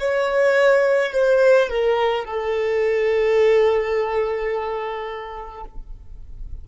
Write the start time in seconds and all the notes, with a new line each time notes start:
0.00 C#5
1.13 C5
1.69 A#4
2.25 A4